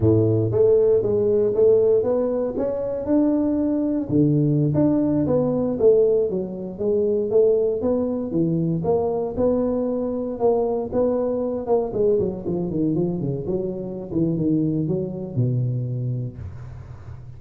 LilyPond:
\new Staff \with { instrumentName = "tuba" } { \time 4/4 \tempo 4 = 117 a,4 a4 gis4 a4 | b4 cis'4 d'2 | d4~ d16 d'4 b4 a8.~ | a16 fis4 gis4 a4 b8.~ |
b16 e4 ais4 b4.~ b16~ | b16 ais4 b4. ais8 gis8 fis16~ | fis16 f8 dis8 f8 cis8 fis4~ fis16 e8 | dis4 fis4 b,2 | }